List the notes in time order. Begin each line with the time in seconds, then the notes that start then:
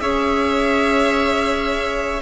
0.00 C#4 G#4 C#5 E5